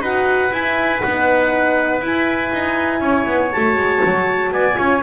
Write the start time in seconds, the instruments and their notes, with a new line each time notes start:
0.00 double bass D#4, horn F#4, trumpet B4, clarinet F#5
0.51 horn E4, double bass E4, clarinet G#5
1.00 double bass B3, horn D#4, clarinet F#5
2.01 double bass E4, horn E4, clarinet G#5
2.52 double bass D#4
3.00 double bass C#4, trumpet C#5
3.26 double bass B3
3.52 double bass A3, horn F#4, clarinet A5
3.75 double bass G#3
4.05 double bass F#3
4.51 double bass B3, trumpet D5, clarinet G#5
4.74 double bass C#4, horn F4, trumpet C#5